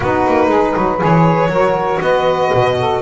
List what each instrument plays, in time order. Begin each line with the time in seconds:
0.00 double bass B3, saxophone D#4 F#4, violin B4
0.26 double bass A#3
0.48 double bass G#3, saxophone G#4
0.75 double bass F#3, saxophone B4
0.98 double bass E3, saxophone G#4, violin C#5
1.48 double bass F#3, saxophone F#4 A#4
2.01 double bass B3, saxophone B4, violin D#5
2.54 double bass B2
2.78 saxophone A4